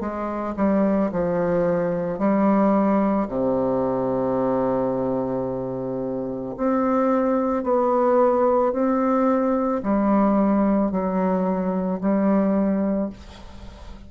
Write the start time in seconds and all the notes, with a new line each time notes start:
0.00 G#3
0.56 G3
1.12 F3
2.19 G3
3.28 C3
6.57 C4
7.63 B3
8.72 C4
9.83 G3
10.91 F#3
12.00 G3